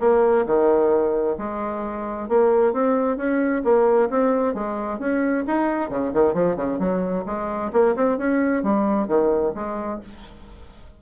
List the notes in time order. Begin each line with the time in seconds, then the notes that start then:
0.00 A#3
0.46 D#3
1.38 G#3
2.29 A#3
2.73 C4
3.17 C#4
3.64 A#3
4.10 C4
4.54 G#3
4.99 C#4
5.47 D#4
5.90 C#3
6.13 D#3
6.34 F3
6.56 C#3
6.79 F#3
7.26 G#3
7.73 A#3
7.96 C4
8.18 C#4
8.63 G3
9.08 D#3
9.55 G#3